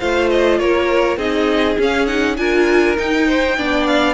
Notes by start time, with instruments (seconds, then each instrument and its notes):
0.00 cello A3, viola F4, violin C5 F5
0.30 violin D#5
0.59 cello A#3, violin A#4 C#5
1.17 cello C4, viola D#4, violin G#4 D#5
1.79 cello C#4, viola C#4, violin F5
2.07 viola D#4, violin F#5
2.37 cello D4, viola F4, violin A#4 G#5
2.97 viola D#4, cello D#4, violin G5
3.27 violin C5
3.58 cello B3, viola D4, violin D5
3.87 violin F5